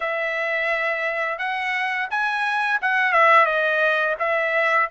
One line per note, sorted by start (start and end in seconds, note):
0.00 1.38 E5
1.38 2.08 F#5
2.10 2.80 G#5
2.81 3.12 F#5
3.12 3.45 E5
3.45 4.15 D#5
4.19 4.88 E5